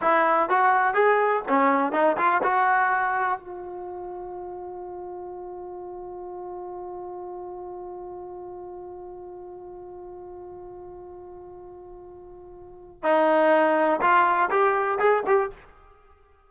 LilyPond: \new Staff \with { instrumentName = "trombone" } { \time 4/4 \tempo 4 = 124 e'4 fis'4 gis'4 cis'4 | dis'8 f'8 fis'2 f'4~ | f'1~ | f'1~ |
f'1~ | f'1~ | f'2. dis'4~ | dis'4 f'4 g'4 gis'8 g'8 | }